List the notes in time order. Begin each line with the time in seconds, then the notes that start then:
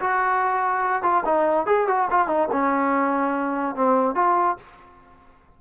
0.00 F#4
1.02 F4
1.24 D#4
1.66 G#4
1.87 F#4
2.10 F4
2.27 D#4
2.51 C#4
3.75 C4
4.15 F4